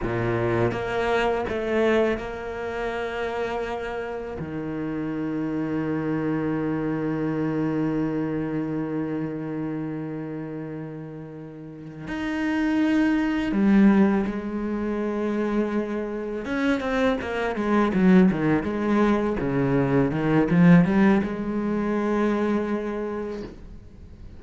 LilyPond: \new Staff \with { instrumentName = "cello" } { \time 4/4 \tempo 4 = 82 ais,4 ais4 a4 ais4~ | ais2 dis2~ | dis1~ | dis1~ |
dis8 dis'2 g4 gis8~ | gis2~ gis8 cis'8 c'8 ais8 | gis8 fis8 dis8 gis4 cis4 dis8 | f8 g8 gis2. | }